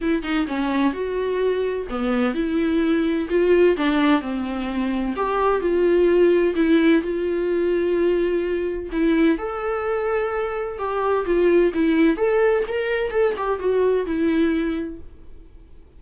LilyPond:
\new Staff \with { instrumentName = "viola" } { \time 4/4 \tempo 4 = 128 e'8 dis'8 cis'4 fis'2 | b4 e'2 f'4 | d'4 c'2 g'4 | f'2 e'4 f'4~ |
f'2. e'4 | a'2. g'4 | f'4 e'4 a'4 ais'4 | a'8 g'8 fis'4 e'2 | }